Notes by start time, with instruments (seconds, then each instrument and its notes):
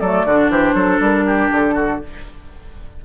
0.00 bassoon F#3, clarinet A3, oboe A4, flute D5
0.25 bassoon D3, clarinet D4, oboe F#4
0.49 bassoon E3, oboe G4, flute C5
0.74 bassoon F#3, oboe A4
1.00 bassoon G3, flute A#4
1.26 oboe G4
1.51 bassoon D3, flute A4
1.74 oboe F#4